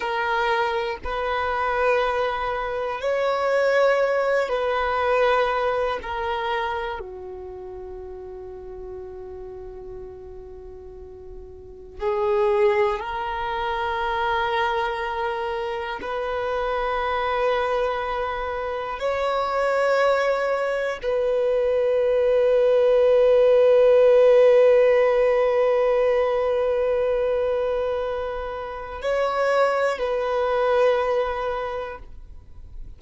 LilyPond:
\new Staff \with { instrumentName = "violin" } { \time 4/4 \tempo 4 = 60 ais'4 b'2 cis''4~ | cis''8 b'4. ais'4 fis'4~ | fis'1 | gis'4 ais'2. |
b'2. cis''4~ | cis''4 b'2.~ | b'1~ | b'4 cis''4 b'2 | }